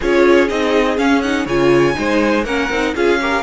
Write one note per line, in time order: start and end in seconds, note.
0.00 0.50 C#4
0.00 0.48 F4
0.00 1.45 G#4
0.00 0.48 C#5
0.48 0.98 C4
0.48 0.97 D#4
0.48 0.97 D#5
0.97 1.22 C#4
0.97 1.46 C#4
0.97 1.21 F5
1.21 1.47 D#4
1.21 1.46 F#5
1.45 1.95 C#3
1.45 1.94 F4
1.45 1.94 C#5
1.45 2.45 G#5
1.94 2.44 G#3
1.94 2.43 D#4
1.94 2.45 C5
2.44 2.69 A#3
2.44 2.71 C#4
2.44 2.94 A#4
2.44 2.94 F#5
2.69 2.94 C4
2.69 2.95 D#4
2.95 3.43 C#4
2.95 3.20 F4
2.95 3.20 G#4
2.95 3.43 F5
3.20 3.43 G4
3.20 3.43 A#4